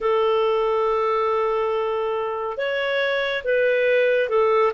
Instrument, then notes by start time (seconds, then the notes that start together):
clarinet
0.00 A4
2.57 C#5
3.44 B4
4.29 A4